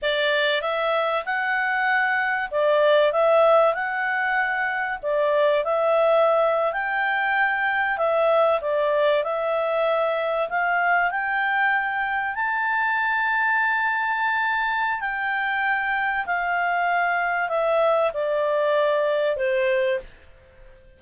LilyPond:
\new Staff \with { instrumentName = "clarinet" } { \time 4/4 \tempo 4 = 96 d''4 e''4 fis''2 | d''4 e''4 fis''2 | d''4 e''4.~ e''16 g''4~ g''16~ | g''8. e''4 d''4 e''4~ e''16~ |
e''8. f''4 g''2 a''16~ | a''1 | g''2 f''2 | e''4 d''2 c''4 | }